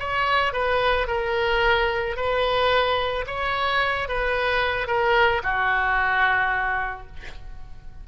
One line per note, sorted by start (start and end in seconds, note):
0.00 0.53 C#5
0.53 1.08 B4
1.08 2.16 A#4
2.16 3.26 B4
3.27 4.09 C#5
4.09 4.87 B4
4.87 5.42 A#4
5.43 7.07 F#4